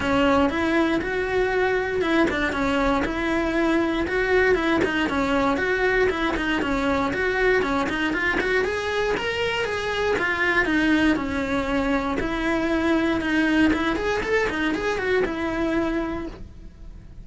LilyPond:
\new Staff \with { instrumentName = "cello" } { \time 4/4 \tempo 4 = 118 cis'4 e'4 fis'2 | e'8 d'8 cis'4 e'2 | fis'4 e'8 dis'8 cis'4 fis'4 | e'8 dis'8 cis'4 fis'4 cis'8 dis'8 |
f'8 fis'8 gis'4 ais'4 gis'4 | f'4 dis'4 cis'2 | e'2 dis'4 e'8 gis'8 | a'8 dis'8 gis'8 fis'8 e'2 | }